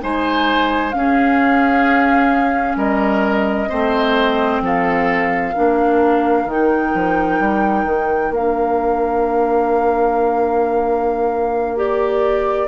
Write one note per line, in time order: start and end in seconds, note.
0.00 0.93 G#3
0.00 0.92 D#4
0.00 0.95 C5
0.00 0.91 G#5
0.91 3.68 C#4
0.91 2.76 C#4
0.91 2.76 F5
0.98 2.77 G#4
2.76 3.68 G3
2.76 3.69 A#4
2.76 4.62 D#5
3.68 4.60 A3
3.68 5.53 C4
3.68 4.61 C5
4.60 5.53 F3
4.60 5.53 A4
4.60 6.49 F5
5.53 6.45 A#3
5.53 6.47 D4
5.53 12.68 A#4
6.45 6.91 D#3
6.45 8.34 D#4
6.45 8.34 G5
6.94 7.39 F3
7.39 7.84 G3
7.84 8.30 D#3
8.30 12.68 A#3
8.30 11.76 D4
8.30 11.78 F5
11.76 12.68 G4
11.76 12.68 D5